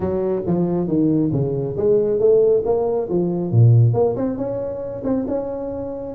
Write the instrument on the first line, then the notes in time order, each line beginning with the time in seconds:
tuba
0.00 F#3
0.46 F3
0.87 D#3
1.32 C#3
1.77 G#3
2.19 A3
2.65 A#3
3.09 F3
3.51 A#2
3.93 A#3
4.16 C4
4.37 C#4
5.03 C4
5.27 C#4